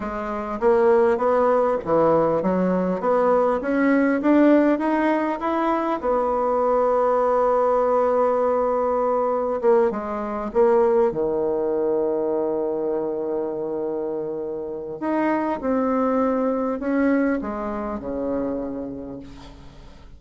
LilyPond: \new Staff \with { instrumentName = "bassoon" } { \time 4/4 \tempo 4 = 100 gis4 ais4 b4 e4 | fis4 b4 cis'4 d'4 | dis'4 e'4 b2~ | b1 |
ais8 gis4 ais4 dis4.~ | dis1~ | dis4 dis'4 c'2 | cis'4 gis4 cis2 | }